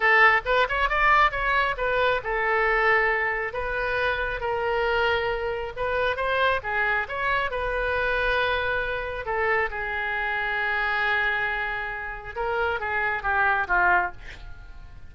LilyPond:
\new Staff \with { instrumentName = "oboe" } { \time 4/4 \tempo 4 = 136 a'4 b'8 cis''8 d''4 cis''4 | b'4 a'2. | b'2 ais'2~ | ais'4 b'4 c''4 gis'4 |
cis''4 b'2.~ | b'4 a'4 gis'2~ | gis'1 | ais'4 gis'4 g'4 f'4 | }